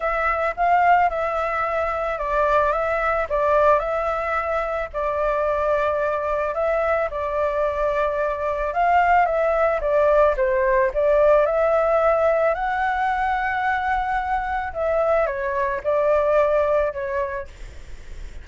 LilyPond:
\new Staff \with { instrumentName = "flute" } { \time 4/4 \tempo 4 = 110 e''4 f''4 e''2 | d''4 e''4 d''4 e''4~ | e''4 d''2. | e''4 d''2. |
f''4 e''4 d''4 c''4 | d''4 e''2 fis''4~ | fis''2. e''4 | cis''4 d''2 cis''4 | }